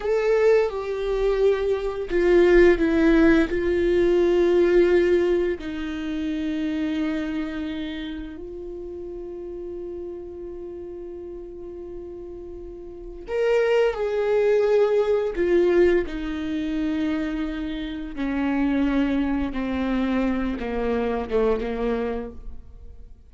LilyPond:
\new Staff \with { instrumentName = "viola" } { \time 4/4 \tempo 4 = 86 a'4 g'2 f'4 | e'4 f'2. | dis'1 | f'1~ |
f'2. ais'4 | gis'2 f'4 dis'4~ | dis'2 cis'2 | c'4. ais4 a8 ais4 | }